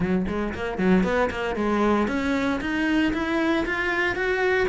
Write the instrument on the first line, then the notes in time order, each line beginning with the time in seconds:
cello
0.00 F#3
0.27 G#3
0.54 A#3
0.78 F#3
1.03 B3
1.30 A#3
1.55 G#3
2.07 C#4
2.60 D#4
3.13 E4
3.65 F4
4.15 F#4